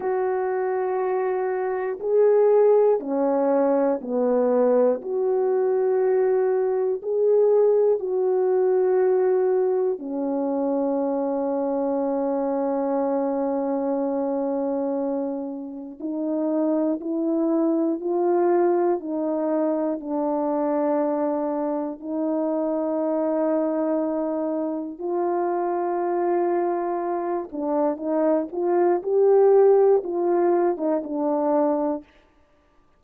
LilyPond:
\new Staff \with { instrumentName = "horn" } { \time 4/4 \tempo 4 = 60 fis'2 gis'4 cis'4 | b4 fis'2 gis'4 | fis'2 cis'2~ | cis'1 |
dis'4 e'4 f'4 dis'4 | d'2 dis'2~ | dis'4 f'2~ f'8 d'8 | dis'8 f'8 g'4 f'8. dis'16 d'4 | }